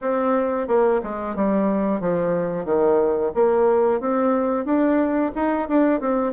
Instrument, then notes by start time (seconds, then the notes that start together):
bassoon
0.01 C4
0.67 A#3
1.03 G#3
1.35 G3
2.00 F3
2.65 D#3
3.34 A#3
4.00 C4
4.65 D4
5.35 D#4
5.68 D4
6.00 C4